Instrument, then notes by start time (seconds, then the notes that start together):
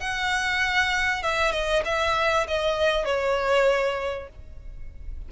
violin
0.00 F#5
1.23 E5
1.52 D#5
1.85 E5
2.48 D#5
3.05 C#5